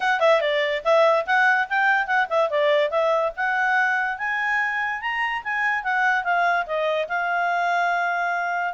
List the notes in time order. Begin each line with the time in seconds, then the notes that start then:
0.00 F#5
0.20 E5
0.41 D5
0.84 E5
1.26 F#5
1.69 G5
2.06 F#5
2.29 E5
2.50 D5
2.90 E5
3.36 F#5
4.18 G#5
5.01 A#5
5.43 G#5
5.83 F#5
6.24 F5
6.66 D#5
7.08 F5